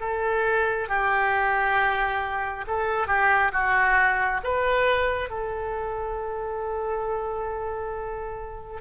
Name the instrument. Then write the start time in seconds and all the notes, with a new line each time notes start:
oboe
0.00 A4
0.89 G4
2.67 A4
3.07 G4
3.53 F#4
4.44 B4
5.29 A4